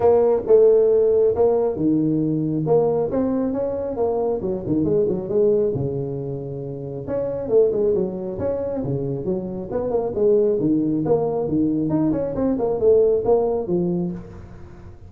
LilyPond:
\new Staff \with { instrumentName = "tuba" } { \time 4/4 \tempo 4 = 136 ais4 a2 ais4 | dis2 ais4 c'4 | cis'4 ais4 fis8 dis8 gis8 fis8 | gis4 cis2. |
cis'4 a8 gis8 fis4 cis'4 | cis4 fis4 b8 ais8 gis4 | dis4 ais4 dis4 dis'8 cis'8 | c'8 ais8 a4 ais4 f4 | }